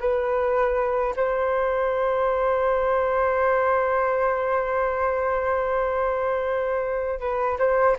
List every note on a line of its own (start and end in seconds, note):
0.00 1.14 B4
1.16 7.20 C5
7.20 7.58 B4
7.58 7.96 C5